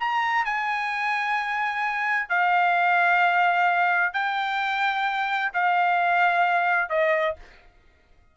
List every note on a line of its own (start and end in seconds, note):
0.00 0.45 A#5
0.45 2.29 G#5
2.29 4.13 F5
4.13 5.52 G5
5.53 6.90 F5
6.90 7.36 D#5